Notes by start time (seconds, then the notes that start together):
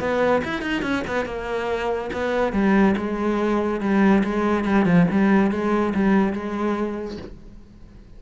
0.00 B3
0.44 E4
0.62 D#4
0.82 C#4
1.08 B3
1.26 A#3
2.13 B3
2.53 G3
2.97 G#3
3.81 G3
4.24 G#3
4.65 G3
4.86 F3
5.11 G3
5.51 G#3
5.95 G3
6.33 G#3